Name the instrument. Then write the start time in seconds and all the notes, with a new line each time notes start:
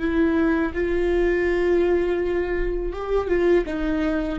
viola
0.00 E4
0.75 F4
2.93 G4
3.29 F4
3.67 D#4